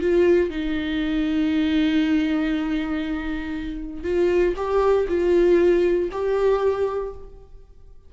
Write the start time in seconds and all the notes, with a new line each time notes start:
0.00 F4
0.50 D#4
4.03 F4
4.56 G4
5.08 F4
6.11 G4